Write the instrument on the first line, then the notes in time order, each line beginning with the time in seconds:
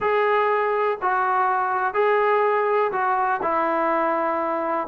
trombone
0.00 G#4
1.01 F#4
1.94 G#4
2.92 F#4
3.42 E4